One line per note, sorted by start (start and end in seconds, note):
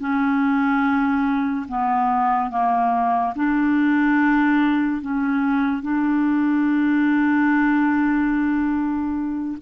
0.00 1.67 C#4
1.69 2.51 B3
2.51 3.34 A#3
3.36 5.02 D4
5.02 5.83 C#4
5.83 9.58 D4